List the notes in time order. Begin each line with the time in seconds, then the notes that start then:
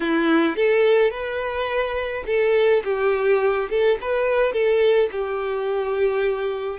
0.00 E4
0.55 A4
1.10 B4
2.26 A4
2.84 G4
3.69 A4
4.01 B4
4.52 A4
5.11 G4